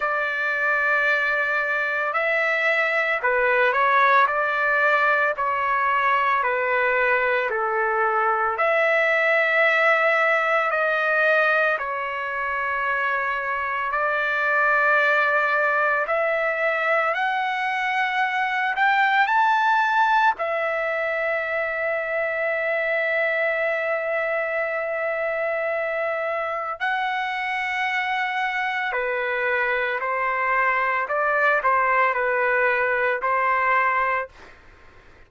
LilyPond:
\new Staff \with { instrumentName = "trumpet" } { \time 4/4 \tempo 4 = 56 d''2 e''4 b'8 cis''8 | d''4 cis''4 b'4 a'4 | e''2 dis''4 cis''4~ | cis''4 d''2 e''4 |
fis''4. g''8 a''4 e''4~ | e''1~ | e''4 fis''2 b'4 | c''4 d''8 c''8 b'4 c''4 | }